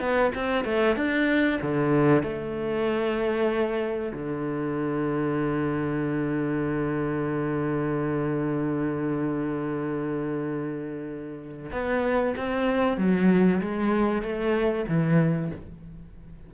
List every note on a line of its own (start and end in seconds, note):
0.00 0.32 B3
0.35 0.65 C4
0.65 0.96 A3
0.96 1.59 D4
1.62 2.23 D3
2.23 4.13 A3
4.13 11.71 D3
11.72 12.35 B3
12.37 12.98 C4
12.98 13.61 F#3
13.61 14.22 G#3
14.22 14.85 A3
14.88 15.51 E3